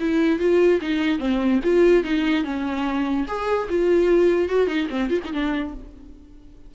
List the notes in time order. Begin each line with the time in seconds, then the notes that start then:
0.00 E4
0.39 F4
0.81 D#4
1.19 C4
1.63 F4
2.04 D#4
2.44 C#4
3.27 G#4
3.69 F4
4.49 F#4
4.67 D#4
4.90 C4
5.10 F4
5.25 D#4
5.33 D4